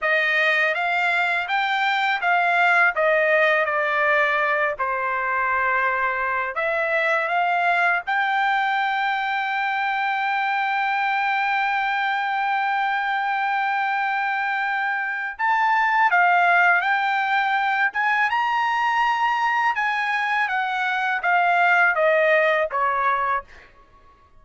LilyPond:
\new Staff \with { instrumentName = "trumpet" } { \time 4/4 \tempo 4 = 82 dis''4 f''4 g''4 f''4 | dis''4 d''4. c''4.~ | c''4 e''4 f''4 g''4~ | g''1~ |
g''1~ | g''4 a''4 f''4 g''4~ | g''8 gis''8 ais''2 gis''4 | fis''4 f''4 dis''4 cis''4 | }